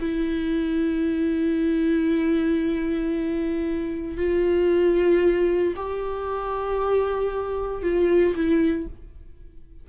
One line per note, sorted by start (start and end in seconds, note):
0.00 4.17 E4
4.17 5.73 F4
5.76 7.82 G4
7.82 8.35 F4
8.35 8.87 E4